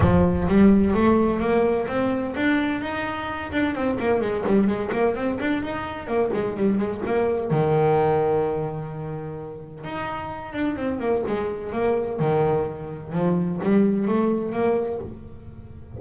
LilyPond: \new Staff \with { instrumentName = "double bass" } { \time 4/4 \tempo 4 = 128 f4 g4 a4 ais4 | c'4 d'4 dis'4. d'8 | c'8 ais8 gis8 g8 gis8 ais8 c'8 d'8 | dis'4 ais8 gis8 g8 gis8 ais4 |
dis1~ | dis4 dis'4. d'8 c'8 ais8 | gis4 ais4 dis2 | f4 g4 a4 ais4 | }